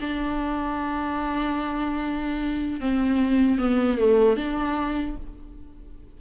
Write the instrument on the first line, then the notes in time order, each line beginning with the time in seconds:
viola
0.00 D4
2.80 C4
3.58 B3
3.98 A3
4.36 D4